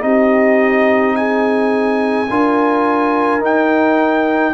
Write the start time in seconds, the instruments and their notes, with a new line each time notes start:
0.00 tuba C4, trombone D#4, horn G4, trumpet D#5
1.16 horn G#4, trumpet G#5
2.29 tuba D4, trombone F4, horn A#4
3.40 trombone D#4, tuba D#4, trumpet G5